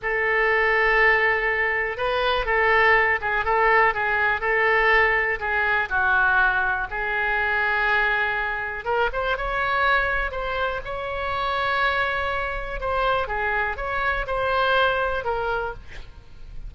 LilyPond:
\new Staff \with { instrumentName = "oboe" } { \time 4/4 \tempo 4 = 122 a'1 | b'4 a'4. gis'8 a'4 | gis'4 a'2 gis'4 | fis'2 gis'2~ |
gis'2 ais'8 c''8 cis''4~ | cis''4 c''4 cis''2~ | cis''2 c''4 gis'4 | cis''4 c''2 ais'4 | }